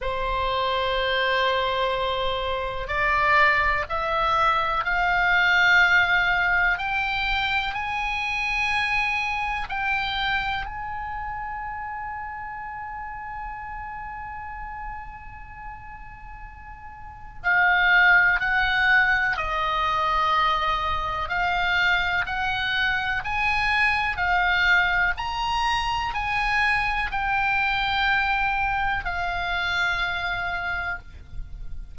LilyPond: \new Staff \with { instrumentName = "oboe" } { \time 4/4 \tempo 4 = 62 c''2. d''4 | e''4 f''2 g''4 | gis''2 g''4 gis''4~ | gis''1~ |
gis''2 f''4 fis''4 | dis''2 f''4 fis''4 | gis''4 f''4 ais''4 gis''4 | g''2 f''2 | }